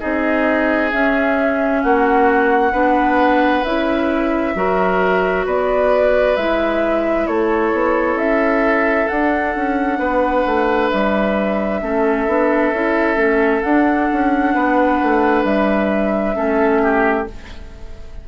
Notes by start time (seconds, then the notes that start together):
0.00 C4 D#4 G#4 D#5
0.92 C#4 E5
1.83 A#3 F#4 F#5
2.73 B3 D4 B4
3.65 C#4 E4 E5
4.55 F#3 F#4 A#4
5.46 B3 B4 D5
6.37 G#3 E4 E5
7.27 A3 A4 C#5
7.73 B3
8.16 C#4 E5
9.09 D4 F#5
9.56 C#4
9.99 B3 B4
10.46 A3
10.91 G3 E5
11.82 A3 C#4 A4
12.27 B3 D4
12.72 C#4 E4
13.16 A3 C#4
13.62 D4 F#5
14.13 C#4
14.55 B3 B4
15.03 A3
15.45 G3 E5
16.35 A3 C#4 A4
16.83 G4